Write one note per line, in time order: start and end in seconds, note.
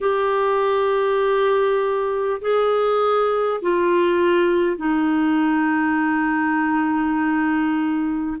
0.01 2.41 G4
2.41 3.61 G#4
3.61 4.77 F4
4.77 8.37 D#4